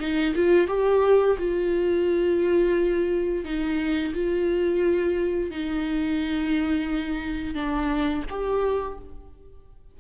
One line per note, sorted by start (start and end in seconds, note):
0.00 0.34 D#4
0.35 0.68 F4
0.68 1.37 G4
1.38 3.45 F4
3.45 4.14 D#4
4.14 5.51 F4
5.51 7.55 D#4
7.55 8.24 D4
8.30 8.99 G4